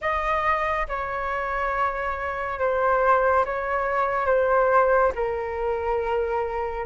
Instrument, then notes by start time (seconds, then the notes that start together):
flute
0.01 D#5
0.88 C#5
2.59 C5
3.45 C#5
4.26 C5
5.15 A#4